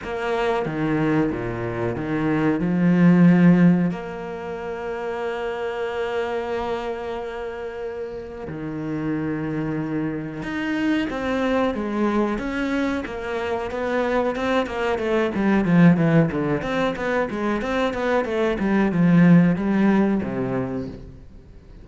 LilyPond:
\new Staff \with { instrumentName = "cello" } { \time 4/4 \tempo 4 = 92 ais4 dis4 ais,4 dis4 | f2 ais2~ | ais1~ | ais4 dis2. |
dis'4 c'4 gis4 cis'4 | ais4 b4 c'8 ais8 a8 g8 | f8 e8 d8 c'8 b8 gis8 c'8 b8 | a8 g8 f4 g4 c4 | }